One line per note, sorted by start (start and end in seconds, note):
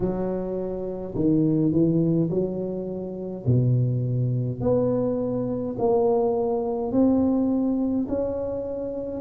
0.00 1.14 F#3
1.15 1.72 D#3
1.72 2.29 E3
2.30 3.45 F#3
3.46 4.60 B2
4.60 5.76 B3
5.78 6.91 A#3
6.91 8.07 C4
8.08 9.20 C#4